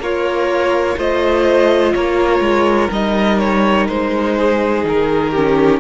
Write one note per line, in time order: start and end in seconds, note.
0.00 0.97 A#3
0.00 0.97 F4
0.00 0.97 A#4
0.00 0.99 C#5
0.97 1.94 A3
0.97 2.91 F4
0.97 1.94 C5
0.97 1.94 D#5
1.94 2.41 A#3
1.94 4.37 A#4
1.94 2.91 C#5
2.41 2.89 G#3
2.92 3.89 G3
2.92 5.34 D#4
2.92 3.39 D#5
3.39 3.88 C#5
3.89 4.84 G#3
3.89 4.86 C5
4.37 5.32 G#4
4.84 5.80 D#3
4.84 5.80 A#4
5.32 5.80 C#4
5.32 5.80 G4